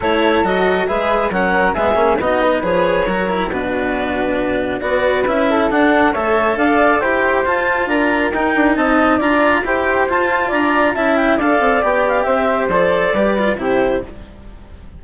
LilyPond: <<
  \new Staff \with { instrumentName = "clarinet" } { \time 4/4 \tempo 4 = 137 cis''4 dis''4 e''4 fis''4 | e''4 dis''4 cis''2 | b'2. d''4 | e''4 fis''4 e''4 f''4 |
g''4 a''4 ais''4 g''4 | a''4 ais''4 g''4 a''4 | ais''4 a''8 g''8 f''4 g''8 f''8 | e''4 d''2 c''4 | }
  \new Staff \with { instrumentName = "flute" } { \time 4/4 a'2 b'4 ais'4 | gis'4 fis'8 b'4. ais'4 | fis'2. b'4~ | b'8 a'4. cis''4 d''4 |
c''2 ais'2 | dis''4 d''4 c''2 | d''4 e''4 d''2 | c''2 b'4 g'4 | }
  \new Staff \with { instrumentName = "cello" } { \time 4/4 e'4 fis'4 gis'4 cis'4 | b8 cis'8 dis'4 gis'4 fis'8 e'8 | d'2. fis'4 | e'4 d'4 a'2 |
g'4 f'2 dis'4~ | dis'4 f'4 g'4 f'4~ | f'4 e'4 a'4 g'4~ | g'4 a'4 g'8 f'8 e'4 | }
  \new Staff \with { instrumentName = "bassoon" } { \time 4/4 a4 fis4 gis4 fis4 | gis8 ais8 b4 f4 fis4 | b,2. b4 | cis'4 d'4 a4 d'4 |
e'4 f'4 d'4 dis'8 d'8 | c'4 d'4 e'4 f'4 | d'4 cis'4 d'8 c'8 b4 | c'4 f4 g4 c4 | }
>>